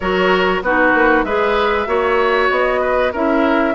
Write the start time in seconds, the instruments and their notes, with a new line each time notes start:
0.00 bassoon F#3, clarinet F#4, oboe A#4, flute C#5
0.61 bassoon B3, clarinet D#4, oboe F#4, flute B4
0.94 bassoon A#3
1.23 bassoon G#3, clarinet G#4, oboe B4, flute E5
1.86 bassoon A#3, clarinet F#4, oboe C#5
2.50 bassoon B3, flute D#5
2.81 oboe B4
3.12 bassoon C#4, clarinet E4, oboe A#4, flute E5